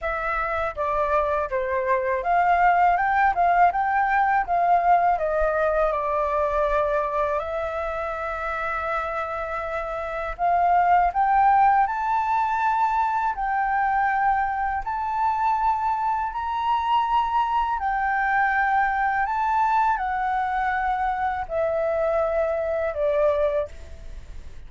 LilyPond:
\new Staff \with { instrumentName = "flute" } { \time 4/4 \tempo 4 = 81 e''4 d''4 c''4 f''4 | g''8 f''8 g''4 f''4 dis''4 | d''2 e''2~ | e''2 f''4 g''4 |
a''2 g''2 | a''2 ais''2 | g''2 a''4 fis''4~ | fis''4 e''2 d''4 | }